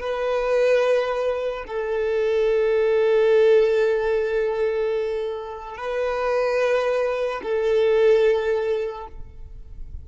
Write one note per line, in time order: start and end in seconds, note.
0.00 1.64 B4
1.67 5.77 A4
5.77 7.41 B4
7.42 9.07 A4